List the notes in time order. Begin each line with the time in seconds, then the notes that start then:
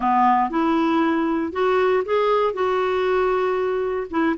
0.00 B3
0.50 E4
1.52 F#4
2.05 G#4
2.53 F#4
4.10 E4